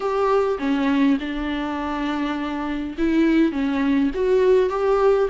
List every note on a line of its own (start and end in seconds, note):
0.00 0.57 G4
0.58 1.17 C#4
1.20 2.96 D4
2.97 3.52 E4
3.52 4.10 C#4
4.14 4.69 F#4
4.69 5.28 G4